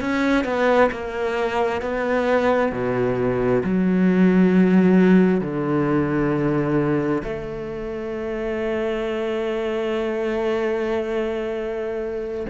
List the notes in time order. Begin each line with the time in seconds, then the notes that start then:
0.00 C#4
0.44 B3
0.91 A#3
1.81 B3
2.72 B2
3.64 F#3
5.40 D3
7.24 A3